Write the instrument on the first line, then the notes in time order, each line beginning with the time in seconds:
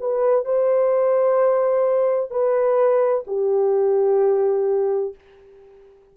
horn
0.00 B4
0.45 C5
2.30 B4
3.27 G4